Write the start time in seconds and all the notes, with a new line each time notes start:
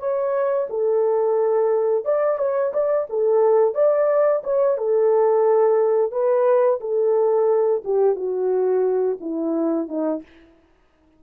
0.00 C#5
0.70 A4
2.05 D5
2.39 C#5
2.74 D5
3.10 A4
3.75 D5
4.44 C#5
4.78 A4
6.12 B4
6.81 A4
7.85 G4
8.16 F#4
9.21 E4
9.89 D#4